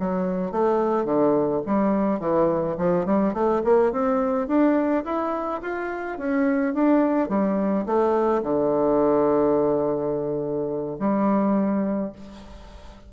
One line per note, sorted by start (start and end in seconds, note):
0.00 0.52 F#3
0.52 1.05 A3
1.05 1.62 D3
1.66 2.20 G3
2.20 2.77 E3
2.78 3.06 F3
3.06 3.34 G3
3.34 3.63 A3
3.64 3.93 A#3
3.93 4.48 C4
4.48 5.05 D4
5.05 5.61 E4
5.62 6.18 F4
6.18 6.74 C#4
6.74 7.29 D4
7.29 7.86 G3
7.86 8.43 A3
8.43 10.98 D3
11.00 12.13 G3